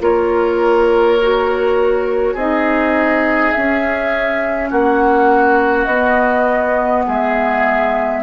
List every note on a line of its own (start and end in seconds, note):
0.00 2.34 A#3
0.00 1.18 F4
0.00 2.33 A#4
0.00 2.37 C#5
1.21 2.38 F#4
2.33 3.52 C4
2.33 3.55 D#4
2.33 4.69 G#4
2.33 3.51 D#5
3.51 5.89 C#4
3.51 4.71 C#4
3.51 4.69 E5
4.70 5.86 A#3
4.70 7.05 F#4
4.70 5.85 F#5
5.85 7.04 B3
5.85 8.22 B3
5.85 7.02 D#5
7.06 8.22 G#3
7.06 8.22 G#4
7.06 8.22 E5